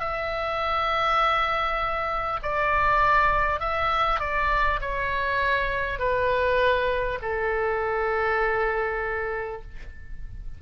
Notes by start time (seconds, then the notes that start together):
0.00 E5
2.43 D5
3.60 E5
4.20 D5
4.82 C#5
5.99 B4
7.22 A4